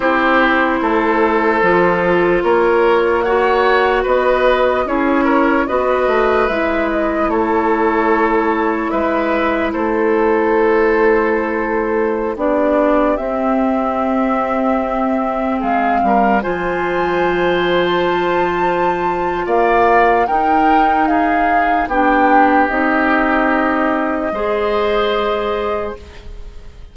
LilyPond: <<
  \new Staff \with { instrumentName = "flute" } { \time 4/4 \tempo 4 = 74 c''2. cis''4 | fis''4 dis''4 cis''4 dis''4 | e''8 dis''8 cis''2 e''4 | c''2.~ c''16 d''8.~ |
d''16 e''2. f''8.~ | f''16 gis''4.~ gis''16 a''2 | f''4 g''4 f''4 g''4 | dis''1 | }
  \new Staff \with { instrumentName = "oboe" } { \time 4/4 g'4 a'2 ais'4 | cis''4 b'4 gis'8 ais'8 b'4~ | b'4 a'2 b'4 | a'2.~ a'16 g'8.~ |
g'2.~ g'16 gis'8 ais'16~ | ais'16 c''2.~ c''8. | d''4 ais'4 gis'4 g'4~ | g'2 c''2 | }
  \new Staff \with { instrumentName = "clarinet" } { \time 4/4 e'2 f'2 | fis'2 e'4 fis'4 | e'1~ | e'2.~ e'16 d'8.~ |
d'16 c'2.~ c'8.~ | c'16 f'2.~ f'8.~ | f'4 dis'2 d'4 | dis'2 gis'2 | }
  \new Staff \with { instrumentName = "bassoon" } { \time 4/4 c'4 a4 f4 ais4~ | ais4 b4 cis'4 b8 a8 | gis4 a2 gis4 | a2.~ a16 b8.~ |
b16 c'2. gis8 g16~ | g16 f2.~ f8. | ais4 dis'2 b4 | c'2 gis2 | }
>>